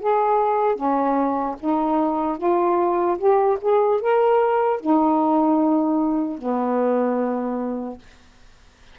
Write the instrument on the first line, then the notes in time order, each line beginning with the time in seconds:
saxophone
0.00 G#4
0.76 C#4
1.60 D#4
2.37 F4
3.18 G4
3.61 G#4
4.01 A#4
4.80 D#4
6.38 B3